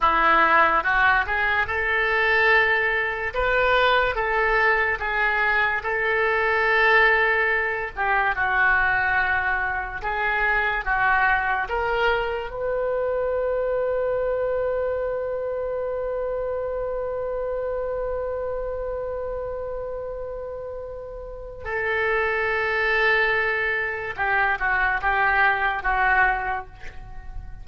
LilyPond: \new Staff \with { instrumentName = "oboe" } { \time 4/4 \tempo 4 = 72 e'4 fis'8 gis'8 a'2 | b'4 a'4 gis'4 a'4~ | a'4. g'8 fis'2 | gis'4 fis'4 ais'4 b'4~ |
b'1~ | b'1~ | b'2 a'2~ | a'4 g'8 fis'8 g'4 fis'4 | }